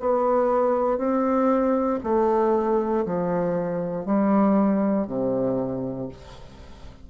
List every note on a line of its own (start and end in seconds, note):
0.00 0.98 B3
0.98 2.00 C4
2.04 3.06 A3
3.06 4.06 F3
4.06 5.08 G3
5.08 6.09 C3